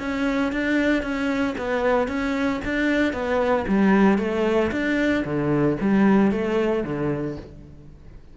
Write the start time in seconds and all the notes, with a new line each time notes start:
0.00 C#4
0.53 D4
1.03 C#4
1.58 B3
2.08 C#4
2.65 D4
3.13 B3
3.68 G3
4.19 A3
4.72 D4
5.25 D3
5.81 G3
6.32 A3
6.84 D3